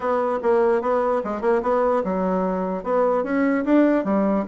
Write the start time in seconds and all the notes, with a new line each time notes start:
0.00 B3
0.42 A#3
0.81 B3
1.24 G#3
1.41 A#3
1.62 B3
2.03 F#3
2.83 B3
3.23 C#4
3.64 D4
4.04 G3